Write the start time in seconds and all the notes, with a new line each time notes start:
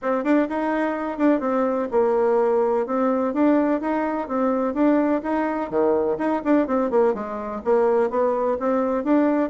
0.02 C4
0.24 D4
0.49 D#4
1.18 D4
1.40 C4
1.91 A#3
2.86 C4
3.33 D4
3.80 D#4
4.28 C4
4.74 D4
5.22 D#4
5.69 D#3
6.18 D#4
6.44 D4
6.67 C4
6.90 A#3
7.13 G#3
7.64 A#3
8.10 B3
8.59 C4
9.04 D4